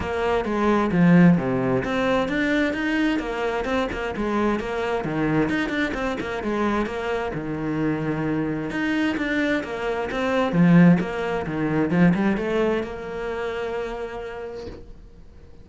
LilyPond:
\new Staff \with { instrumentName = "cello" } { \time 4/4 \tempo 4 = 131 ais4 gis4 f4 c4 | c'4 d'4 dis'4 ais4 | c'8 ais8 gis4 ais4 dis4 | dis'8 d'8 c'8 ais8 gis4 ais4 |
dis2. dis'4 | d'4 ais4 c'4 f4 | ais4 dis4 f8 g8 a4 | ais1 | }